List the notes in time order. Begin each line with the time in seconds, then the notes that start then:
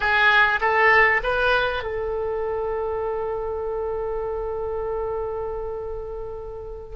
0.00 G#4
0.60 A4
1.23 B4
1.83 A4